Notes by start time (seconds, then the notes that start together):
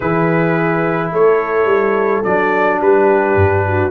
0.00 E3 E4 G#4 B4
1.12 A3 A4 C#5
1.65 G3
2.23 F#3 D4 D5
2.80 G3 G4 B4
3.35 G2
3.66 F#4